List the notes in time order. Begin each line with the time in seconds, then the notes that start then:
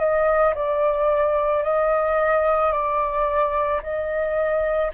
0.00 D#5
0.55 D5
1.64 D#5
2.73 D5
3.83 D#5